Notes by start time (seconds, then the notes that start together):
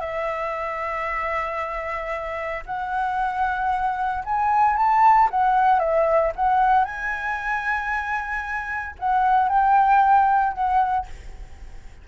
0.00 E5
2.65 F#5
4.24 G#5
4.76 A5
5.30 F#5
5.79 E5
6.35 F#5
6.84 G#5
8.98 F#5
9.48 G5
10.53 F#5